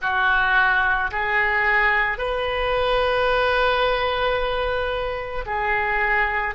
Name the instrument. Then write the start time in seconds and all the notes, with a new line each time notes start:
oboe
0.01 F#4
1.11 G#4
2.18 B4
5.45 G#4